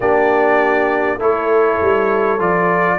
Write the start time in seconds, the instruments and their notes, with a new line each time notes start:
0.00 tuba A#3, trombone D4, horn G4, trumpet D5
1.18 tuba A3, trombone E4, horn A4, trumpet C#5
1.80 tuba G3
2.38 tuba F3, trombone F4, trumpet D5